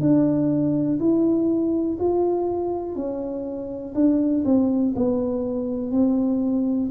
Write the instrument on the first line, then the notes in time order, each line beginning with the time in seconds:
tuba
0.00 D4
0.99 E4
1.99 F4
2.95 C#4
3.94 D4
4.45 C4
4.95 B3
5.91 C4